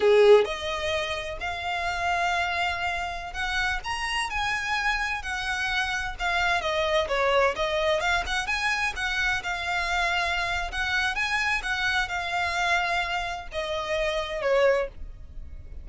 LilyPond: \new Staff \with { instrumentName = "violin" } { \time 4/4 \tempo 4 = 129 gis'4 dis''2 f''4~ | f''2.~ f''16 fis''8.~ | fis''16 ais''4 gis''2 fis''8.~ | fis''4~ fis''16 f''4 dis''4 cis''8.~ |
cis''16 dis''4 f''8 fis''8 gis''4 fis''8.~ | fis''16 f''2~ f''8. fis''4 | gis''4 fis''4 f''2~ | f''4 dis''2 cis''4 | }